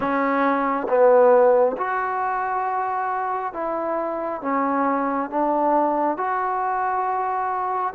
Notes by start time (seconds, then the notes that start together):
0.00 C#4
0.88 B3
1.77 F#4
3.53 E4
4.41 C#4
5.30 D4
6.17 F#4